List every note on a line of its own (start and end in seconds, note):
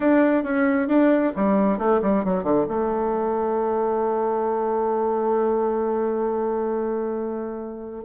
0.00 0.43 D4
0.43 0.87 C#4
0.87 1.32 D4
1.36 1.78 G3
1.78 2.00 A3
2.01 2.24 G3
2.24 2.43 F#3
2.43 2.65 D3
2.67 8.04 A3